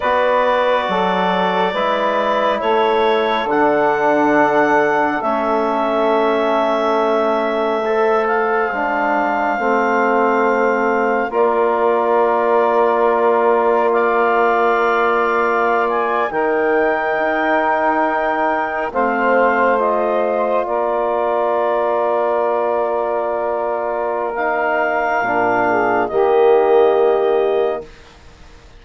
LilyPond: <<
  \new Staff \with { instrumentName = "clarinet" } { \time 4/4 \tempo 4 = 69 d''2. cis''4 | fis''2 e''2~ | e''4. f''2~ f''8~ | f''4 d''2. |
f''2~ f''16 gis''8 g''4~ g''16~ | g''4.~ g''16 f''4 dis''4 d''16~ | d''1 | f''2 dis''2 | }
  \new Staff \with { instrumentName = "saxophone" } { \time 4/4 b'4 a'4 b'4 a'4~ | a'1~ | a'4 c''2.~ | c''4 ais'2. |
d''2~ d''8. ais'4~ ais'16~ | ais'4.~ ais'16 c''2 ais'16~ | ais'1~ | ais'4. gis'8 g'2 | }
  \new Staff \with { instrumentName = "trombone" } { \time 4/4 fis'2 e'2 | d'2 cis'2~ | cis'4 a'4 d'4 c'4~ | c'4 f'2.~ |
f'2~ f'8. dis'4~ dis'16~ | dis'4.~ dis'16 c'4 f'4~ f'16~ | f'1 | dis'4 d'4 ais2 | }
  \new Staff \with { instrumentName = "bassoon" } { \time 4/4 b4 fis4 gis4 a4 | d2 a2~ | a2 gis4 a4~ | a4 ais2.~ |
ais2~ ais8. dis4 dis'16~ | dis'4.~ dis'16 a2 ais16~ | ais1~ | ais4 ais,4 dis2 | }
>>